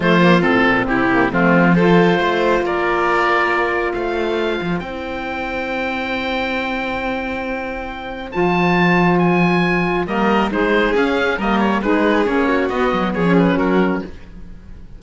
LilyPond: <<
  \new Staff \with { instrumentName = "oboe" } { \time 4/4 \tempo 4 = 137 c''4 a'4 g'4 f'4 | c''2 d''2~ | d''4 f''2 g''4~ | g''1~ |
g''2. a''4~ | a''4 gis''2 dis''4 | c''4 f''4 dis''8 cis''8 b'4 | cis''4 dis''4 cis''8 b'8 ais'4 | }
  \new Staff \with { instrumentName = "violin" } { \time 4/4 f'2 e'4 c'4 | a'4 c''4 ais'2~ | ais'4 c''2.~ | c''1~ |
c''1~ | c''2. ais'4 | gis'2 ais'4 gis'4~ | gis'8 fis'4. gis'4 fis'4 | }
  \new Staff \with { instrumentName = "saxophone" } { \time 4/4 a8 ais8 c'4. ais8 a4 | f'1~ | f'2. e'4~ | e'1~ |
e'2. f'4~ | f'2. ais4 | dis'4 cis'4 ais4 dis'4 | cis'4 b4~ b16 cis'4.~ cis'16 | }
  \new Staff \with { instrumentName = "cello" } { \time 4/4 f4 a,8 ais,8 c4 f4~ | f4 a4 ais2~ | ais4 a4. f8 c'4~ | c'1~ |
c'2. f4~ | f2. g4 | gis4 cis'4 g4 gis4 | ais4 b8 fis8 f4 fis4 | }
>>